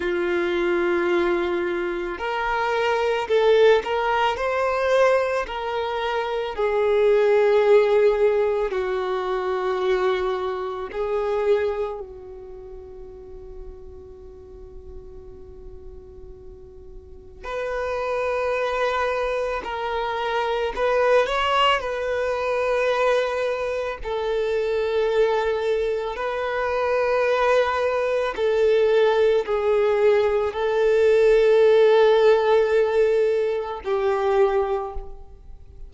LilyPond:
\new Staff \with { instrumentName = "violin" } { \time 4/4 \tempo 4 = 55 f'2 ais'4 a'8 ais'8 | c''4 ais'4 gis'2 | fis'2 gis'4 fis'4~ | fis'1 |
b'2 ais'4 b'8 cis''8 | b'2 a'2 | b'2 a'4 gis'4 | a'2. g'4 | }